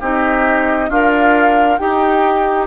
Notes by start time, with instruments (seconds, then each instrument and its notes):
0.00 bassoon C4, clarinet D#4, oboe G4, flute D#5
0.89 bassoon D4, oboe F4, clarinet A#4, flute F5
1.77 bassoon D#4, oboe D#4, clarinet G4, flute G5